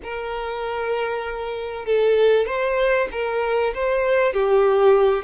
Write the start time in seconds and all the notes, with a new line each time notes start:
0.03 A#4
1.85 A4
2.46 C5
3.11 A#4
3.74 C5
4.33 G4